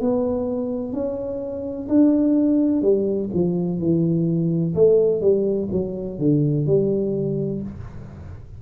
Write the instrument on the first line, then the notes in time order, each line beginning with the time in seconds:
tuba
0.00 B3
0.93 C#4
1.89 D4
2.82 G3
3.34 F3
3.79 E3
4.75 A3
5.21 G3
5.72 F#3
6.19 D3
6.66 G3